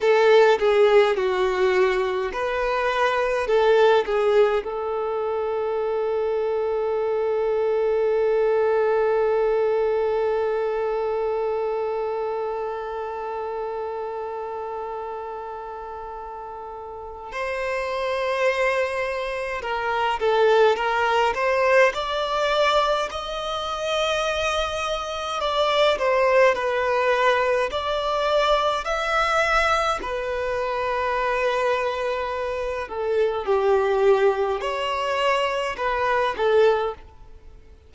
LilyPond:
\new Staff \with { instrumentName = "violin" } { \time 4/4 \tempo 4 = 52 a'8 gis'8 fis'4 b'4 a'8 gis'8 | a'1~ | a'1~ | a'2. c''4~ |
c''4 ais'8 a'8 ais'8 c''8 d''4 | dis''2 d''8 c''8 b'4 | d''4 e''4 b'2~ | b'8 a'8 g'4 cis''4 b'8 a'8 | }